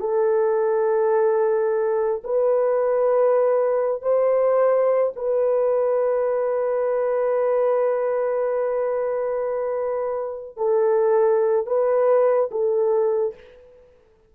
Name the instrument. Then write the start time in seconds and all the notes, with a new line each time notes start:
horn
0.00 A4
2.24 B4
4.02 C5
5.16 B4
10.57 A4
11.66 B4
12.51 A4